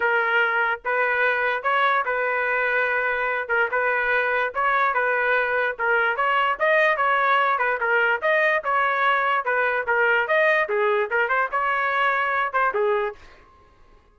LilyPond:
\new Staff \with { instrumentName = "trumpet" } { \time 4/4 \tempo 4 = 146 ais'2 b'2 | cis''4 b'2.~ | b'8 ais'8 b'2 cis''4 | b'2 ais'4 cis''4 |
dis''4 cis''4. b'8 ais'4 | dis''4 cis''2 b'4 | ais'4 dis''4 gis'4 ais'8 c''8 | cis''2~ cis''8 c''8 gis'4 | }